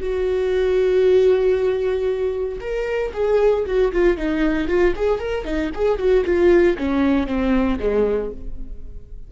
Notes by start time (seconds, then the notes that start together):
0.00 F#4
2.60 A#4
3.13 G#4
3.66 F#4
3.92 F4
4.17 D#4
4.67 F4
4.96 G#4
5.19 A#4
5.44 D#4
5.74 G#4
5.98 F#4
6.25 F4
6.77 C#4
7.26 C4
7.79 G#3